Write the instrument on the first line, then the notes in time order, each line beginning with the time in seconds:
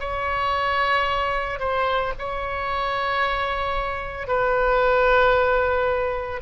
oboe
0.00 C#5
1.60 C5
2.19 C#5
4.28 B4